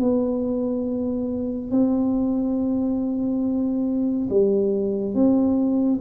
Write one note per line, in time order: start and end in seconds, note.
0.00 1.71 B3
1.71 4.28 C4
4.30 5.14 G3
5.14 6.00 C4